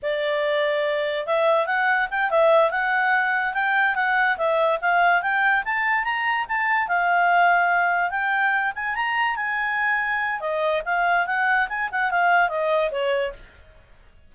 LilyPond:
\new Staff \with { instrumentName = "clarinet" } { \time 4/4 \tempo 4 = 144 d''2. e''4 | fis''4 g''8 e''4 fis''4.~ | fis''8 g''4 fis''4 e''4 f''8~ | f''8 g''4 a''4 ais''4 a''8~ |
a''8 f''2. g''8~ | g''4 gis''8 ais''4 gis''4.~ | gis''4 dis''4 f''4 fis''4 | gis''8 fis''8 f''4 dis''4 cis''4 | }